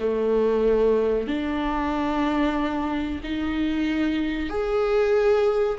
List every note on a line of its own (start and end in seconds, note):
0.00 1.27 A3
1.27 3.21 D4
3.23 4.49 D#4
4.49 5.78 G#4